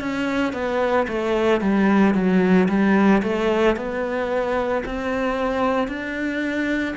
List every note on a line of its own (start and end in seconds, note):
0.00 0.53 C#4
0.53 1.06 B3
1.07 1.61 A3
1.61 2.14 G3
2.14 2.68 F#3
2.68 3.22 G3
3.22 3.75 A3
3.75 4.83 B3
4.85 5.87 C4
5.87 6.94 D4